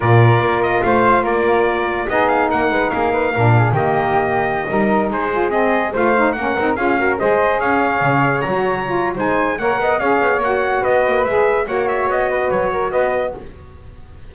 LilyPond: <<
  \new Staff \with { instrumentName = "trumpet" } { \time 4/4 \tempo 4 = 144 d''4. dis''8 f''4 d''4~ | d''4 dis''8 f''8 fis''4 f''4~ | f''4 dis''2.~ | dis''16 c''4 dis''4 f''4 fis''8.~ |
fis''16 f''4 dis''4 f''4.~ f''16~ | f''16 ais''4.~ ais''16 gis''4 fis''4 | f''4 fis''4 dis''4 e''4 | fis''8 e''8 dis''4 cis''4 dis''4 | }
  \new Staff \with { instrumentName = "flute" } { \time 4/4 ais'2 c''4 ais'4~ | ais'4 gis'4 ais'8 b'8 gis'8 b'8 | ais'8 gis'8 g'2~ g'16 ais'8.~ | ais'16 gis'2 c''4 ais'8.~ |
ais'16 gis'8 ais'8 c''4 cis''4.~ cis''16~ | cis''2 c''4 cis''8 dis''8 | cis''2 b'2 | cis''4. b'4 ais'8 b'4 | }
  \new Staff \with { instrumentName = "saxophone" } { \time 4/4 f'1~ | f'4 dis'2. | d'4 ais2~ ais16 dis'8.~ | dis'8. f'8 c'4 f'8 dis'8 cis'8 dis'16~ |
dis'16 f'8 fis'8 gis'2~ gis'8.~ | gis'16 fis'4 f'8. dis'4 ais'4 | gis'4 fis'2 gis'4 | fis'1 | }
  \new Staff \with { instrumentName = "double bass" } { \time 4/4 ais,4 ais4 a4 ais4~ | ais4 b4 ais8 gis8 ais4 | ais,4 dis2~ dis16 g8.~ | g16 gis2 a4 ais8 c'16~ |
c'16 cis'4 gis4 cis'4 cis8.~ | cis16 fis4.~ fis16 gis4 ais8 b8 | cis'8 b8 ais4 b8 ais8 gis4 | ais4 b4 fis4 b4 | }
>>